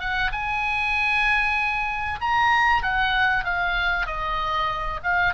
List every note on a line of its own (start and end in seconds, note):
0.00 0.31 F#5
0.32 2.20 G#5
2.21 2.83 A#5
2.83 3.44 F#5
3.44 4.06 F5
4.06 5.00 D#5
5.03 5.34 F5